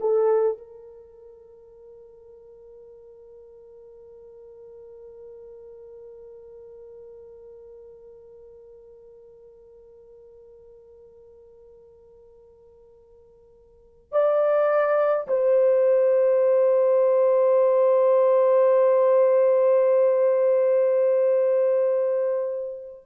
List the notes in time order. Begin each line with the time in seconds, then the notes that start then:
0.00 A4
0.58 A#4
14.12 D5
15.28 C5